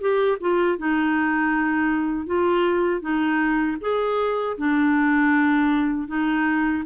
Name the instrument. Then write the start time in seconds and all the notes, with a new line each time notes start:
clarinet
0.00 G4
0.40 F4
0.78 D#4
2.26 F4
3.01 D#4
3.81 G#4
4.57 D4
6.08 D#4